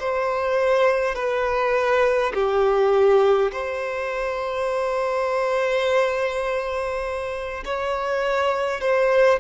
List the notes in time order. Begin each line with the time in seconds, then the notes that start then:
0.00 C5
1.15 B4
2.34 G4
3.52 C5
7.65 C#5
8.81 C5